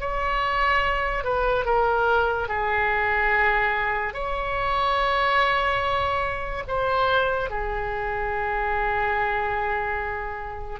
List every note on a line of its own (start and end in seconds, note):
0.00 1.24 C#5
1.24 1.65 B4
1.65 2.48 A#4
2.48 4.13 G#4
4.13 6.63 C#5
6.67 7.50 C5
7.50 10.80 G#4